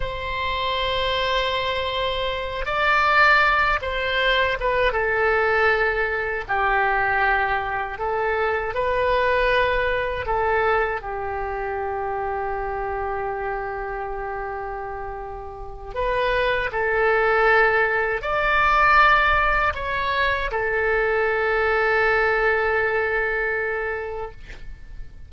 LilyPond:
\new Staff \with { instrumentName = "oboe" } { \time 4/4 \tempo 4 = 79 c''2.~ c''8 d''8~ | d''4 c''4 b'8 a'4.~ | a'8 g'2 a'4 b'8~ | b'4. a'4 g'4.~ |
g'1~ | g'4 b'4 a'2 | d''2 cis''4 a'4~ | a'1 | }